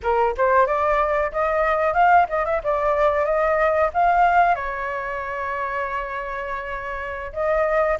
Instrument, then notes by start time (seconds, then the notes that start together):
flute
0.02 A#4
0.37 C5
0.66 D5
1.32 D#5
1.93 F5
2.29 D#5
2.45 E5
2.63 D5
3.25 D#5
3.93 F5
4.55 C#5
7.33 D#5